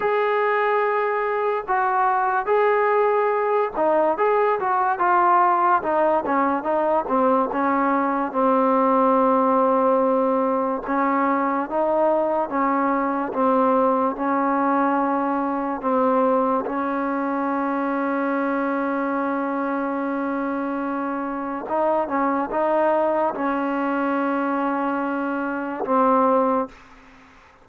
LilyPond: \new Staff \with { instrumentName = "trombone" } { \time 4/4 \tempo 4 = 72 gis'2 fis'4 gis'4~ | gis'8 dis'8 gis'8 fis'8 f'4 dis'8 cis'8 | dis'8 c'8 cis'4 c'2~ | c'4 cis'4 dis'4 cis'4 |
c'4 cis'2 c'4 | cis'1~ | cis'2 dis'8 cis'8 dis'4 | cis'2. c'4 | }